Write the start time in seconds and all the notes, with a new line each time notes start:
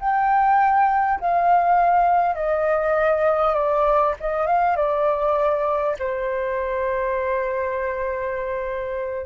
0.00 G5
1.21 F5
2.36 D#5
3.55 D5
4.21 D#5
4.47 F5
4.77 D5
5.99 C5